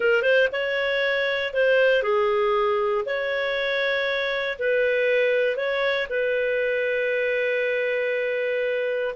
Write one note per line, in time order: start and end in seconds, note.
0.00 0.22 A#4
0.22 0.47 C5
0.52 1.53 C#5
1.53 2.02 C5
2.02 3.04 G#4
3.05 4.58 C#5
4.58 5.56 B4
5.56 6.07 C#5
6.09 9.14 B4